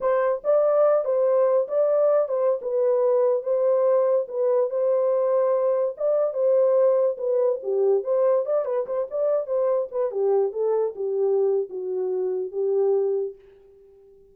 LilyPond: \new Staff \with { instrumentName = "horn" } { \time 4/4 \tempo 4 = 144 c''4 d''4. c''4. | d''4. c''8. b'4.~ b'16~ | b'16 c''2 b'4 c''8.~ | c''2~ c''16 d''4 c''8.~ |
c''4~ c''16 b'4 g'4 c''8.~ | c''16 d''8 b'8 c''8 d''4 c''4 b'16~ | b'16 g'4 a'4 g'4.~ g'16 | fis'2 g'2 | }